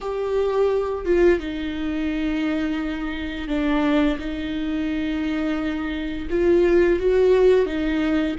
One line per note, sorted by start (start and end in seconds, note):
0.01 1.05 G4
1.05 1.39 F4
1.39 3.48 D#4
3.48 4.17 D4
4.18 6.28 D#4
6.30 6.99 F4
6.99 7.66 F#4
7.66 8.36 D#4